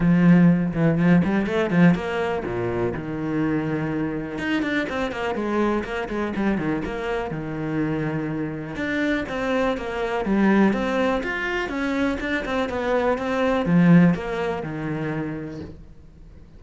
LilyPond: \new Staff \with { instrumentName = "cello" } { \time 4/4 \tempo 4 = 123 f4. e8 f8 g8 a8 f8 | ais4 ais,4 dis2~ | dis4 dis'8 d'8 c'8 ais8 gis4 | ais8 gis8 g8 dis8 ais4 dis4~ |
dis2 d'4 c'4 | ais4 g4 c'4 f'4 | cis'4 d'8 c'8 b4 c'4 | f4 ais4 dis2 | }